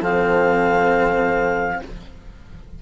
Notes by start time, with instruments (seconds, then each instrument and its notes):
0.00 bassoon F3, cello C4, horn A4, clarinet F5